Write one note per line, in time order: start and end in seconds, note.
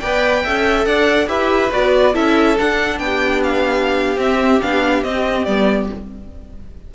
0.00 0.46 B3
0.00 0.45 B4
0.00 0.43 D5
0.00 0.85 G5
0.44 0.86 C#4
0.44 1.27 A4
0.44 0.86 E5
0.85 1.27 D4
0.85 1.29 D5
0.85 1.28 F#5
1.27 1.70 E4
1.27 1.70 G4
1.27 2.13 B4
1.27 1.71 E5
1.71 2.16 B3
1.71 2.14 F#4
1.71 2.15 D5
2.13 2.59 C#4
2.13 2.57 E4
2.13 2.99 A4
2.13 2.58 E5
2.58 4.17 D4
2.58 2.99 D4
2.58 2.99 F#5
2.99 4.17 B3
2.99 3.42 G5
3.05 5.95 G4
3.44 4.19 F5
4.17 4.59 C4
4.17 4.60 C4
4.17 4.61 E5
4.61 5.04 B3
4.61 5.05 D4
4.61 5.03 F5
5.03 5.46 C4
5.03 5.47 C4
5.03 5.45 D#5
5.45 5.89 G3
5.45 5.90 B3
5.45 5.88 D5